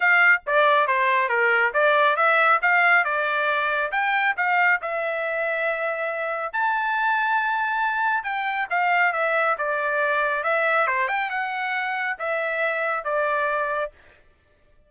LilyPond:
\new Staff \with { instrumentName = "trumpet" } { \time 4/4 \tempo 4 = 138 f''4 d''4 c''4 ais'4 | d''4 e''4 f''4 d''4~ | d''4 g''4 f''4 e''4~ | e''2. a''4~ |
a''2. g''4 | f''4 e''4 d''2 | e''4 c''8 g''8 fis''2 | e''2 d''2 | }